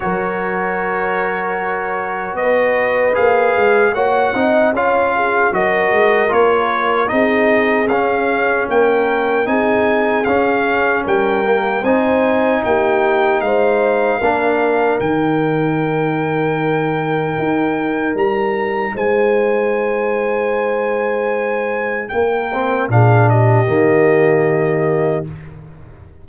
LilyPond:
<<
  \new Staff \with { instrumentName = "trumpet" } { \time 4/4 \tempo 4 = 76 cis''2. dis''4 | f''4 fis''4 f''4 dis''4 | cis''4 dis''4 f''4 g''4 | gis''4 f''4 g''4 gis''4 |
g''4 f''2 g''4~ | g''2. ais''4 | gis''1 | g''4 f''8 dis''2~ dis''8 | }
  \new Staff \with { instrumentName = "horn" } { \time 4/4 ais'2. b'4~ | b'4 cis''8 dis''8 cis''8 gis'8 ais'4~ | ais'4 gis'2 ais'4 | gis'2 ais'4 c''4 |
g'4 c''4 ais'2~ | ais'1 | c''1 | ais'4 gis'8 g'2~ g'8 | }
  \new Staff \with { instrumentName = "trombone" } { \time 4/4 fis'1 | gis'4 fis'8 dis'8 f'4 fis'4 | f'4 dis'4 cis'2 | dis'4 cis'4. ais8 dis'4~ |
dis'2 d'4 dis'4~ | dis'1~ | dis'1~ | dis'8 c'8 d'4 ais2 | }
  \new Staff \with { instrumentName = "tuba" } { \time 4/4 fis2. b4 | ais8 gis8 ais8 c'8 cis'4 fis8 gis8 | ais4 c'4 cis'4 ais4 | c'4 cis'4 g4 c'4 |
ais4 gis4 ais4 dis4~ | dis2 dis'4 g4 | gis1 | ais4 ais,4 dis2 | }
>>